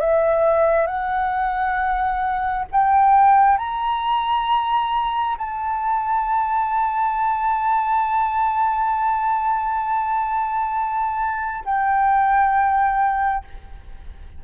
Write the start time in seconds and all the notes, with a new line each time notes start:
0.00 E5
0.86 F#5
2.71 G5
3.58 A#5
5.37 A5
11.65 G5